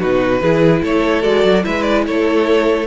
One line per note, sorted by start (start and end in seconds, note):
0.00 0.41 B2
0.00 0.42 D#4
0.00 0.41 F#4
0.00 0.82 B4
0.41 0.82 E3
0.41 1.23 E4
0.41 0.83 G#4
0.83 1.24 A3
0.83 1.65 A4
0.83 1.23 C#5
1.23 1.44 G#3
1.23 1.64 F#4
1.23 1.64 D5
1.44 1.65 F#3
1.64 2.07 G#3
1.64 2.87 E4
1.64 2.06 B4
1.64 1.83 E5
1.83 2.03 D5
2.07 2.87 A3
2.07 2.87 A4
2.07 2.87 C#5